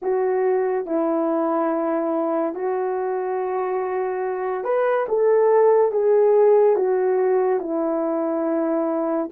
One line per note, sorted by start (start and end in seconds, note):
0.02 0.86 F#4
0.86 2.54 E4
2.54 4.64 F#4
4.64 5.06 B4
5.08 5.91 A4
5.91 6.76 G#4
6.76 7.60 F#4
7.60 9.29 E4